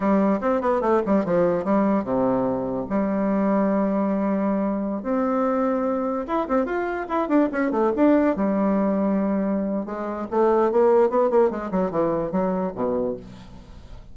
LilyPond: \new Staff \with { instrumentName = "bassoon" } { \time 4/4 \tempo 4 = 146 g4 c'8 b8 a8 g8 f4 | g4 c2 g4~ | g1~ | g16 c'2. e'8 c'16~ |
c'16 f'4 e'8 d'8 cis'8 a8 d'8.~ | d'16 g2.~ g8. | gis4 a4 ais4 b8 ais8 | gis8 fis8 e4 fis4 b,4 | }